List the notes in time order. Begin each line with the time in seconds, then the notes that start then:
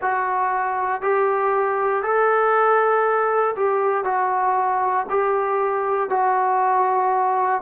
0.01 F#4
1.01 G4
2.02 A4
3.56 G4
4.04 F#4
5.09 G4
6.09 F#4